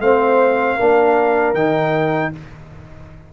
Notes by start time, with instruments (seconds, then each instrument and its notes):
0.00 tuba A3, trombone C4, horn C5, trumpet F5
0.76 tuba A#3, trombone D4, horn A#4
1.54 tuba D#3, trombone D#4, trumpet G5